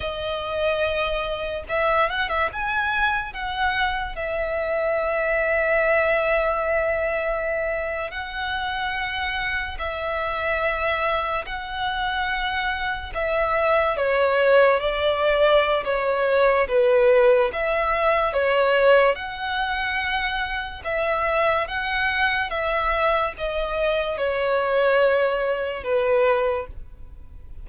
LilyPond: \new Staff \with { instrumentName = "violin" } { \time 4/4 \tempo 4 = 72 dis''2 e''8 fis''16 e''16 gis''4 | fis''4 e''2.~ | e''4.~ e''16 fis''2 e''16~ | e''4.~ e''16 fis''2 e''16~ |
e''8. cis''4 d''4~ d''16 cis''4 | b'4 e''4 cis''4 fis''4~ | fis''4 e''4 fis''4 e''4 | dis''4 cis''2 b'4 | }